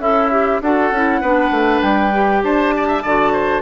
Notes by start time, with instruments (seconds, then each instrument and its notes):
0.00 bassoon C#4, oboe E4, clarinet A4, flute E5
0.32 clarinet G4
0.61 bassoon D4, clarinet F#4, oboe A4, flute F#5
0.91 bassoon C#4, clarinet E4
1.21 bassoon B3, clarinet D4, oboe B4
1.51 bassoon A3
1.82 bassoon G3, flute G5
2.13 clarinet G4
2.43 bassoon D4, oboe C5, flute A5
2.77 oboe D5
2.88 oboe E5
3.03 bassoon D3, clarinet F#4, oboe D5
3.33 oboe C5